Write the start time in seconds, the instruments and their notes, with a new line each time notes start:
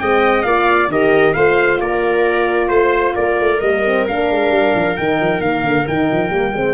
0.00 tuba G#3, horn C4, viola D#5, trumpet G5
0.43 tuba A#3, horn F4, viola D5, trumpet F5
0.89 tuba D#3, horn G4, viola A#4, trumpet D#5
1.34 tuba A3, horn F4, viola C5, trumpet F5
1.81 tuba A#3, viola A#4, trumpet D5
2.69 tuba A3, trumpet C5, viola C5
3.15 tuba A#3, viola A#4, trumpet D5
3.40 tuba A3
3.61 tuba G3, horn A#3, trumpet D#5
3.86 horn C4
4.08 tuba A#3, horn D4, trumpet F5
4.32 tuba G#3
4.50 tuba G3
4.75 tuba F3
4.97 tuba D#3, horn D#4, trumpet G5
5.21 tuba F3
5.41 tuba D#3, horn A#3, trumpet F5
5.64 tuba D3
5.88 tuba D#3, horn D#4, trumpet G5
6.12 tuba F3
6.30 tuba G3, horn A#3
6.54 tuba G#3, horn C4